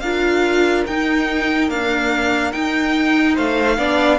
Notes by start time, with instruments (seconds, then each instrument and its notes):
0.00 cello D4, viola F4, violin A#4 F5
0.86 cello D#4, viola D#4, violin G5
1.69 viola A#3, cello D4, violin F5
2.52 viola D#4, cello D#4, violin G5
3.35 cello A3, violin C5 F5
3.77 cello B3, viola D4, violin D5